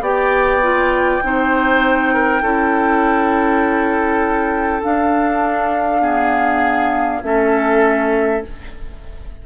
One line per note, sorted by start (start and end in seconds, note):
0.00 1.20 B3
0.00 0.61 G4
0.00 1.22 D5
0.00 4.83 G5
0.61 1.22 F4
1.22 2.42 C4
1.22 2.42 D#4
1.22 2.13 C5
2.13 2.42 A#4
2.42 4.82 C#4
2.42 4.81 E4
2.42 6.01 A4
4.81 6.00 D4
4.81 7.22 D4
4.81 7.22 F5
6.00 7.20 B3
6.00 7.21 G#4
7.22 8.42 A3
7.22 8.42 C#4
7.22 8.46 A4
7.22 8.42 E5